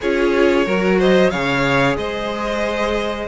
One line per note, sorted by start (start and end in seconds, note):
0.00 0.66 C#4
0.00 0.66 F4
0.00 0.65 G#4
0.00 1.00 C#5
0.65 1.32 F#3
0.65 1.32 F#4
0.65 0.98 A#4
0.98 1.30 C5
0.98 1.30 D#5
1.30 1.96 C#3
1.30 3.28 G#4
1.30 1.96 C#5
1.30 1.96 F5
1.96 3.28 G#3
1.96 3.28 C5
1.96 3.28 D#5